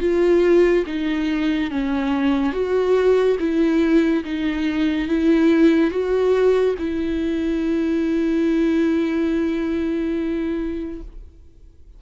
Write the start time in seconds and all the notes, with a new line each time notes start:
0.00 F4
0.86 D#4
1.70 C#4
2.52 F#4
3.39 E4
4.24 D#4
5.08 E4
5.90 F#4
6.78 E4